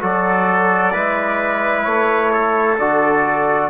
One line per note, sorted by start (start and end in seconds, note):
0.00 0.95 F#3
0.00 0.92 F#4
0.00 0.93 A4
0.00 1.84 D5
0.93 1.86 G#3
0.93 2.78 E4
0.93 2.32 B4
1.84 2.79 A3
1.84 2.76 C#5
2.33 3.71 A4
2.79 3.71 D3
2.79 3.71 F#4
2.79 3.71 D5